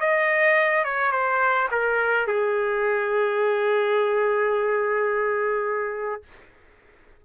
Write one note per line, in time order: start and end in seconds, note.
0.00 0.84 D#5
0.84 1.12 C#5
1.12 1.68 C5
1.71 2.27 A#4
2.27 6.23 G#4